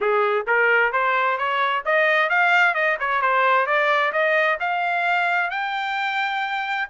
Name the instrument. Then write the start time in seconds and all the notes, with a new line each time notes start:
trumpet
0.00 G#4
0.46 A#4
0.92 C5
1.37 C#5
1.85 D#5
2.29 F5
2.74 D#5
2.99 C#5
3.21 C5
3.66 D5
4.12 D#5
4.59 F5
5.50 G5